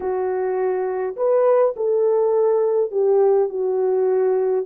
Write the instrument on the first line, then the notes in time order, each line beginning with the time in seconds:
horn
0.00 F#4
1.16 B4
1.76 A4
2.91 G4
3.49 F#4